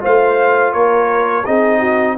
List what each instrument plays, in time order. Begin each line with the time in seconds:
0.00 tuba A3, trombone F4, horn C5, trumpet F5
0.73 tuba A#3, horn A#4, trumpet C#5
1.45 tuba C4, trombone D#4, horn G#4, trumpet D#5
1.79 horn F#4